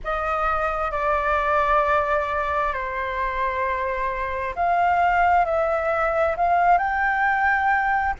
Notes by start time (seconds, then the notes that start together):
0.03 D#5
0.91 D5
2.73 C5
4.55 F5
5.45 E5
6.36 F5
6.78 G5